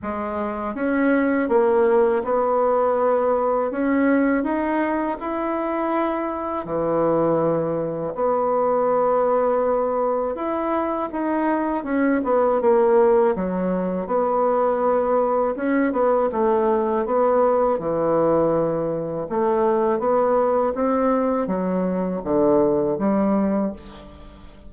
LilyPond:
\new Staff \with { instrumentName = "bassoon" } { \time 4/4 \tempo 4 = 81 gis4 cis'4 ais4 b4~ | b4 cis'4 dis'4 e'4~ | e'4 e2 b4~ | b2 e'4 dis'4 |
cis'8 b8 ais4 fis4 b4~ | b4 cis'8 b8 a4 b4 | e2 a4 b4 | c'4 fis4 d4 g4 | }